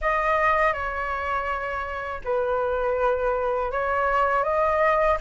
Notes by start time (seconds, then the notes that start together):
0.01 D#5
0.73 C#5
2.24 B4
3.71 C#5
4.43 D#5